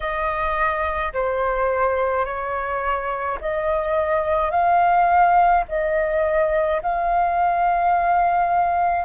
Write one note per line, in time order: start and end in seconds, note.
0.00 1.13 D#5
1.13 2.25 C5
2.25 3.38 C#5
3.40 4.50 D#5
4.50 5.63 F5
5.68 6.81 D#5
6.82 9.04 F5